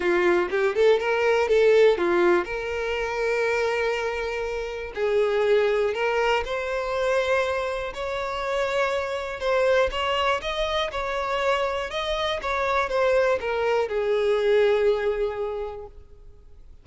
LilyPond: \new Staff \with { instrumentName = "violin" } { \time 4/4 \tempo 4 = 121 f'4 g'8 a'8 ais'4 a'4 | f'4 ais'2.~ | ais'2 gis'2 | ais'4 c''2. |
cis''2. c''4 | cis''4 dis''4 cis''2 | dis''4 cis''4 c''4 ais'4 | gis'1 | }